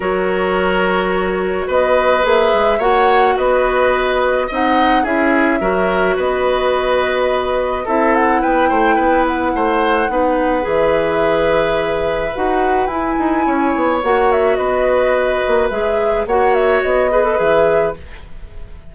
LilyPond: <<
  \new Staff \with { instrumentName = "flute" } { \time 4/4 \tempo 4 = 107 cis''2. dis''4 | e''4 fis''4 dis''2 | fis''4 e''2 dis''4~ | dis''2 e''8 fis''8 g''4~ |
g''8 fis''2~ fis''8 e''4~ | e''2 fis''4 gis''4~ | gis''4 fis''8 e''8 dis''2 | e''4 fis''8 e''8 dis''4 e''4 | }
  \new Staff \with { instrumentName = "oboe" } { \time 4/4 ais'2. b'4~ | b'4 cis''4 b'2 | dis''4 gis'4 ais'4 b'4~ | b'2 a'4 b'8 c''8 |
b'4 c''4 b'2~ | b'1 | cis''2 b'2~ | b'4 cis''4. b'4. | }
  \new Staff \with { instrumentName = "clarinet" } { \time 4/4 fis'1 | gis'4 fis'2. | dis'4 e'4 fis'2~ | fis'2 e'2~ |
e'2 dis'4 gis'4~ | gis'2 fis'4 e'4~ | e'4 fis'2. | gis'4 fis'4. gis'16 a'16 gis'4 | }
  \new Staff \with { instrumentName = "bassoon" } { \time 4/4 fis2. b4 | ais8 gis8 ais4 b2 | c'4 cis'4 fis4 b4~ | b2 c'4 b8 a8 |
b4 a4 b4 e4~ | e2 dis'4 e'8 dis'8 | cis'8 b8 ais4 b4. ais8 | gis4 ais4 b4 e4 | }
>>